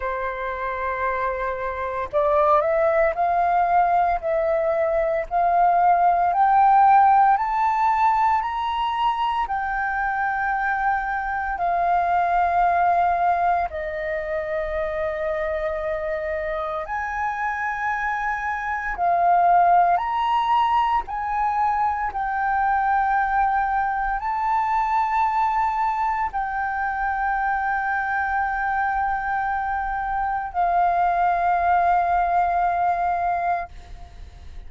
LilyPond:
\new Staff \with { instrumentName = "flute" } { \time 4/4 \tempo 4 = 57 c''2 d''8 e''8 f''4 | e''4 f''4 g''4 a''4 | ais''4 g''2 f''4~ | f''4 dis''2. |
gis''2 f''4 ais''4 | gis''4 g''2 a''4~ | a''4 g''2.~ | g''4 f''2. | }